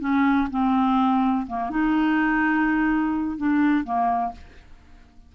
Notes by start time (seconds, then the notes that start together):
0.00 C#4
0.50 C4
1.47 A#3
1.70 D#4
3.37 D4
3.84 A#3